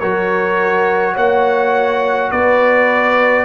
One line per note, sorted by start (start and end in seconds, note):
0.00 1.16 F#3
0.00 3.45 F#4
0.00 1.13 A#4
0.00 1.15 C#5
1.13 2.31 A#3
1.13 2.29 C#5
1.13 2.31 F#5
2.31 3.45 B3
2.31 3.45 B4
2.31 3.45 D5